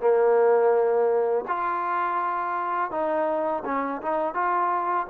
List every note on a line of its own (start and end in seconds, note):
0.00 1.45 A#3
1.48 2.91 F4
2.91 3.63 D#4
3.65 4.01 C#4
4.02 4.34 D#4
4.34 5.06 F4